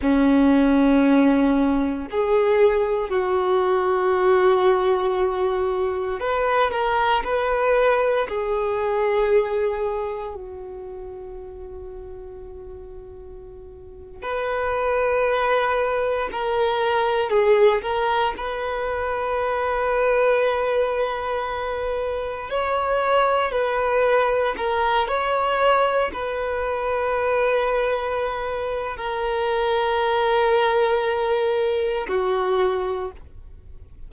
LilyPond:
\new Staff \with { instrumentName = "violin" } { \time 4/4 \tempo 4 = 58 cis'2 gis'4 fis'4~ | fis'2 b'8 ais'8 b'4 | gis'2 fis'2~ | fis'4.~ fis'16 b'2 ais'16~ |
ais'8. gis'8 ais'8 b'2~ b'16~ | b'4.~ b'16 cis''4 b'4 ais'16~ | ais'16 cis''4 b'2~ b'8. | ais'2. fis'4 | }